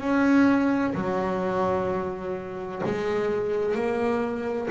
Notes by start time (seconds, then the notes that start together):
0.00 C#4
0.95 F#3
2.85 G#3
3.75 A#3